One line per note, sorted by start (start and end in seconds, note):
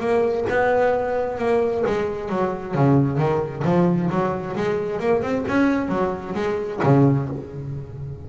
0.00 0.45 A#3
0.50 1.39 B3
1.39 1.84 A#3
1.86 2.29 G#3
2.29 2.75 F#3
2.75 3.18 C#3
3.18 3.63 D#3
3.65 4.10 F3
4.11 4.56 F#3
4.56 5.00 G#3
5.00 5.23 A#3
5.23 5.45 C4
5.48 5.89 C#4
5.89 6.34 F#3
6.35 6.80 G#3
6.84 7.29 C#3